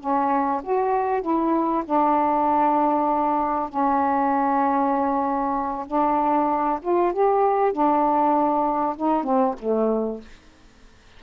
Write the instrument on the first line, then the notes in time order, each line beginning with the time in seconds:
saxophone
0.00 C#4
0.64 F#4
1.22 E4
1.86 D4
3.69 C#4
5.87 D4
6.82 F4
7.13 G4
7.73 D4
8.97 D#4
9.24 C4
9.59 A3